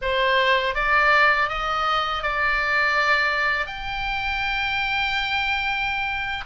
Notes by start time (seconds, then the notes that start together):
0.01 C5
0.74 D5
1.48 D#5
2.22 D5
3.66 G5